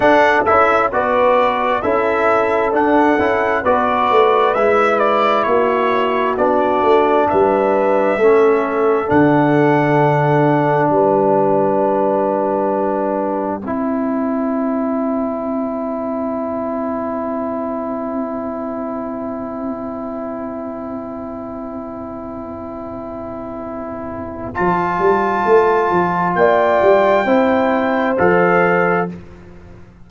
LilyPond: <<
  \new Staff \with { instrumentName = "trumpet" } { \time 4/4 \tempo 4 = 66 fis''8 e''8 d''4 e''4 fis''4 | d''4 e''8 d''8 cis''4 d''4 | e''2 fis''2 | g''1~ |
g''1~ | g''1~ | g''2. a''4~ | a''4 g''2 f''4 | }
  \new Staff \with { instrumentName = "horn" } { \time 4/4 a'4 b'4 a'2 | b'2 fis'2 | b'4 a'2. | b'2. c''4~ |
c''1~ | c''1~ | c''1~ | c''4 d''4 c''2 | }
  \new Staff \with { instrumentName = "trombone" } { \time 4/4 d'8 e'8 fis'4 e'4 d'8 e'8 | fis'4 e'2 d'4~ | d'4 cis'4 d'2~ | d'2. e'4~ |
e'1~ | e'1~ | e'2. f'4~ | f'2 e'4 a'4 | }
  \new Staff \with { instrumentName = "tuba" } { \time 4/4 d'8 cis'8 b4 cis'4 d'8 cis'8 | b8 a8 gis4 ais4 b8 a8 | g4 a4 d2 | g2. c'4~ |
c'1~ | c'1~ | c'2. f8 g8 | a8 f8 ais8 g8 c'4 f4 | }
>>